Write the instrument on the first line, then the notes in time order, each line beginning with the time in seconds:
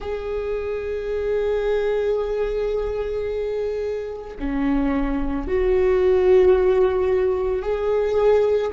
viola
0.00 G#4
4.39 C#4
5.47 F#4
7.62 G#4